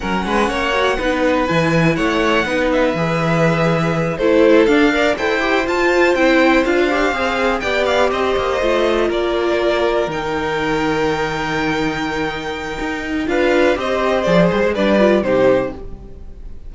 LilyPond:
<<
  \new Staff \with { instrumentName = "violin" } { \time 4/4 \tempo 4 = 122 fis''2. gis''4 | fis''4. e''2~ e''8~ | e''8 c''4 f''4 g''4 a''8~ | a''8 g''4 f''2 g''8 |
f''8 dis''2 d''4.~ | d''8 g''2.~ g''8~ | g''2. f''4 | dis''4 d''8 c''8 d''4 c''4 | }
  \new Staff \with { instrumentName = "violin" } { \time 4/4 ais'8 b'8 cis''4 b'2 | cis''4 b'2.~ | b'8 a'4. d''8 c''4.~ | c''2.~ c''8 d''8~ |
d''8 c''2 ais'4.~ | ais'1~ | ais'2. b'4 | c''2 b'4 g'4 | }
  \new Staff \with { instrumentName = "viola" } { \time 4/4 cis'4. fis'8 dis'4 e'4~ | e'4 dis'4 gis'2~ | gis'8 e'4 d'8 ais'8 a'8 g'8 f'8~ | f'8 e'4 f'8 g'8 gis'4 g'8~ |
g'4. f'2~ f'8~ | f'8 dis'2.~ dis'8~ | dis'2. f'4 | g'4 gis'4 d'8 f'8 dis'4 | }
  \new Staff \with { instrumentName = "cello" } { \time 4/4 fis8 gis8 ais4 b4 e4 | a4 b4 e2~ | e8 a4 d'4 e'4 f'8~ | f'8 c'4 d'4 c'4 b8~ |
b8 c'8 ais8 a4 ais4.~ | ais8 dis2.~ dis8~ | dis2 dis'4 d'4 | c'4 f8 g16 gis16 g4 c4 | }
>>